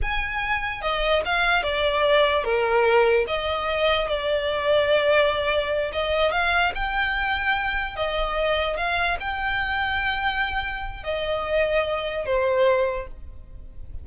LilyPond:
\new Staff \with { instrumentName = "violin" } { \time 4/4 \tempo 4 = 147 gis''2 dis''4 f''4 | d''2 ais'2 | dis''2 d''2~ | d''2~ d''8 dis''4 f''8~ |
f''8 g''2. dis''8~ | dis''4. f''4 g''4.~ | g''2. dis''4~ | dis''2 c''2 | }